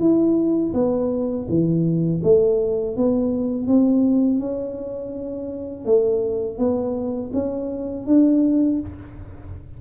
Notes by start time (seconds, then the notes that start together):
0.00 E4
0.74 B3
1.49 E3
2.24 A3
2.97 B3
3.68 C4
4.40 C#4
5.86 A3
6.59 B3
7.34 C#4
8.07 D4